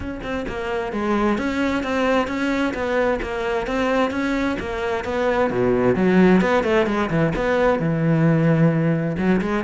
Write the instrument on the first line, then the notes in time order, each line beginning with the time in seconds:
cello
0.00 C#4
0.23 C4
0.48 A#3
0.92 G#3
1.37 C#4
1.83 C4
2.27 C#4
2.74 B3
3.22 A#3
3.66 C4
4.11 C#4
4.59 A#3
5.04 B3
5.50 B2
5.95 F#3
6.41 B3
6.63 A3
6.86 G#3
7.10 E3
7.35 B3
7.79 E3
9.17 F#3
9.41 G#3